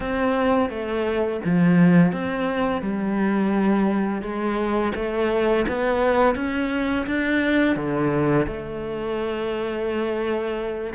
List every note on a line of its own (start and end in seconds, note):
0.00 0.69 C4
0.69 1.40 A3
1.45 2.12 F3
2.12 2.81 C4
2.81 4.22 G3
4.22 4.92 G#3
4.95 5.65 A3
5.68 6.35 B3
6.35 7.06 C#4
7.06 7.76 D4
7.76 8.46 D3
8.46 10.93 A3